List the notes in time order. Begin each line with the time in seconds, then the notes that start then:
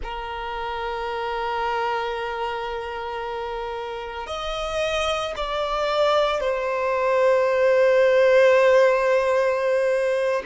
0.03 A#4
4.27 D#5
5.36 D5
6.40 C5